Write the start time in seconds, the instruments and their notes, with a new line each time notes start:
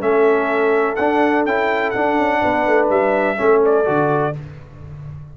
0.00 tuba A3, trombone C#4, horn A4, trumpet E5
0.96 tuba D4, trombone D4, trumpet F#5
1.45 tuba C#4, trombone E4, trumpet G5
1.91 trombone D4, tuba D4, trumpet F#5
2.19 tuba C#4
2.41 tuba B3, horn B4
2.67 tuba A3
2.90 tuba G3, trumpet E5
3.37 tuba A3, trombone C#4, horn A4
3.65 trumpet D5
3.85 tuba D3, trombone F#4